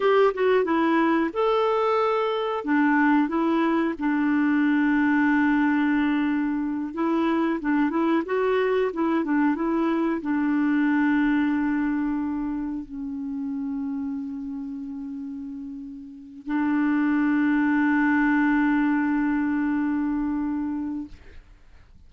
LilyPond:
\new Staff \with { instrumentName = "clarinet" } { \time 4/4 \tempo 4 = 91 g'8 fis'8 e'4 a'2 | d'4 e'4 d'2~ | d'2~ d'8 e'4 d'8 | e'8 fis'4 e'8 d'8 e'4 d'8~ |
d'2.~ d'8 cis'8~ | cis'1~ | cis'4 d'2.~ | d'1 | }